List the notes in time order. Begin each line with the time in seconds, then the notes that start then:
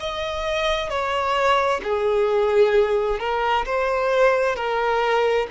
0.00 D#5
0.90 C#5
1.83 G#4
3.20 A#4
3.65 C5
4.56 A#4